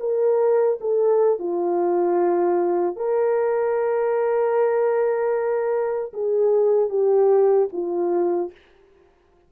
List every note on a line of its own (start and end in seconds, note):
0.00 0.79 A#4
0.81 1.39 A4
1.39 2.97 F4
2.97 6.13 A#4
6.14 6.90 G#4
6.90 7.69 G4
7.73 8.52 F4